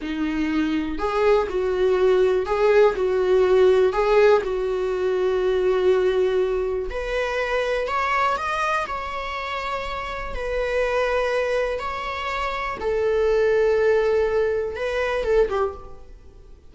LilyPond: \new Staff \with { instrumentName = "viola" } { \time 4/4 \tempo 4 = 122 dis'2 gis'4 fis'4~ | fis'4 gis'4 fis'2 | gis'4 fis'2.~ | fis'2 b'2 |
cis''4 dis''4 cis''2~ | cis''4 b'2. | cis''2 a'2~ | a'2 b'4 a'8 g'8 | }